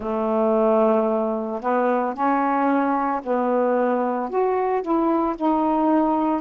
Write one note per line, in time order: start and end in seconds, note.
0.00 1.61 A3
1.61 2.14 B3
2.14 3.21 C#4
3.23 4.29 B3
4.29 4.82 F#4
4.82 5.35 E4
5.36 6.41 D#4